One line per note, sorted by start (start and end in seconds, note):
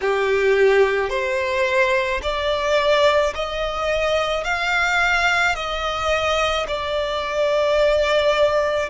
0.01 1.09 G4
1.09 2.20 C5
2.22 3.33 D5
3.34 4.44 D#5
4.44 5.55 F5
5.55 6.66 D#5
6.67 8.89 D5